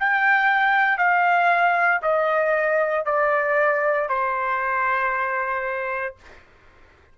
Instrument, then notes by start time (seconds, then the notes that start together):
trumpet
0.00 G5
0.98 F5
2.03 D#5
3.06 D5
4.09 C5